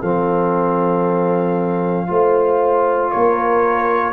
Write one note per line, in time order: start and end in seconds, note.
0.00 2.09 F3
0.00 2.06 C4
0.00 2.07 A4
0.00 3.11 F5
2.06 3.12 A3
2.06 4.12 F4
2.06 3.11 C5
3.11 4.12 A#3
3.11 4.12 A#4
3.11 4.12 C#5